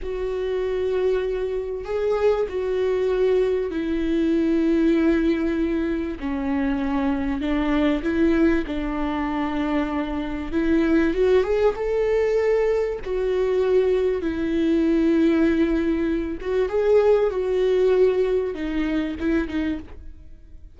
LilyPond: \new Staff \with { instrumentName = "viola" } { \time 4/4 \tempo 4 = 97 fis'2. gis'4 | fis'2 e'2~ | e'2 cis'2 | d'4 e'4 d'2~ |
d'4 e'4 fis'8 gis'8 a'4~ | a'4 fis'2 e'4~ | e'2~ e'8 fis'8 gis'4 | fis'2 dis'4 e'8 dis'8 | }